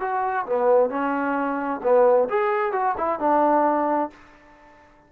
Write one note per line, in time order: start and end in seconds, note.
0.00 0.45 F#4
0.46 0.89 B3
0.89 1.80 C#4
1.83 2.28 B3
2.29 2.72 G#4
2.72 2.95 F#4
2.97 3.19 E4
3.19 4.10 D4